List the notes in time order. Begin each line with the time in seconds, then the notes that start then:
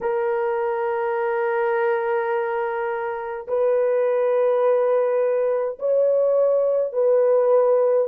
0.00 A#4
3.47 B4
5.78 C#5
6.92 B4